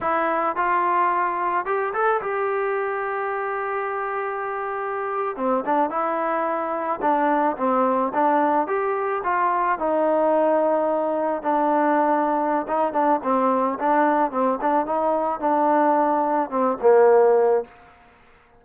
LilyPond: \new Staff \with { instrumentName = "trombone" } { \time 4/4 \tempo 4 = 109 e'4 f'2 g'8 a'8 | g'1~ | g'4.~ g'16 c'8 d'8 e'4~ e'16~ | e'8. d'4 c'4 d'4 g'16~ |
g'8. f'4 dis'2~ dis'16~ | dis'8. d'2~ d'16 dis'8 d'8 | c'4 d'4 c'8 d'8 dis'4 | d'2 c'8 ais4. | }